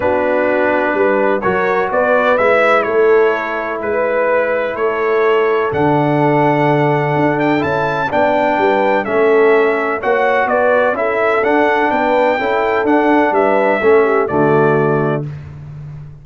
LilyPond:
<<
  \new Staff \with { instrumentName = "trumpet" } { \time 4/4 \tempo 4 = 126 b'2. cis''4 | d''4 e''4 cis''2 | b'2 cis''2 | fis''2.~ fis''8 g''8 |
a''4 g''2 e''4~ | e''4 fis''4 d''4 e''4 | fis''4 g''2 fis''4 | e''2 d''2 | }
  \new Staff \with { instrumentName = "horn" } { \time 4/4 fis'2 b'4 ais'4 | b'2 a'2 | b'2 a'2~ | a'1~ |
a'4 d''4 b'4 a'4~ | a'4 cis''4 b'4 a'4~ | a'4 b'4 a'2 | b'4 a'8 g'8 fis'2 | }
  \new Staff \with { instrumentName = "trombone" } { \time 4/4 d'2. fis'4~ | fis'4 e'2.~ | e'1 | d'1 |
e'4 d'2 cis'4~ | cis'4 fis'2 e'4 | d'2 e'4 d'4~ | d'4 cis'4 a2 | }
  \new Staff \with { instrumentName = "tuba" } { \time 4/4 b2 g4 fis4 | b4 gis4 a2 | gis2 a2 | d2. d'4 |
cis'4 b4 g4 a4~ | a4 ais4 b4 cis'4 | d'4 b4 cis'4 d'4 | g4 a4 d2 | }
>>